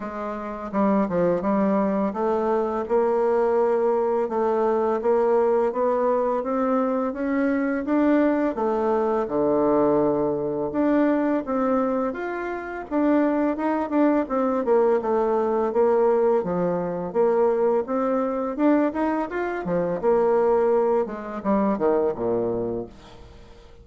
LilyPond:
\new Staff \with { instrumentName = "bassoon" } { \time 4/4 \tempo 4 = 84 gis4 g8 f8 g4 a4 | ais2 a4 ais4 | b4 c'4 cis'4 d'4 | a4 d2 d'4 |
c'4 f'4 d'4 dis'8 d'8 | c'8 ais8 a4 ais4 f4 | ais4 c'4 d'8 dis'8 f'8 f8 | ais4. gis8 g8 dis8 ais,4 | }